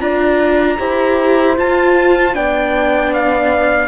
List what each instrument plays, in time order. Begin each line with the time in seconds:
0.00 cello D4, viola F4, horn D5, trumpet A#5
0.79 cello E4, viola G4, horn C5
1.56 viola F4, cello F4, trumpet A5
2.34 cello B3, viola D4, horn D5, trumpet G5
3.14 trumpet F5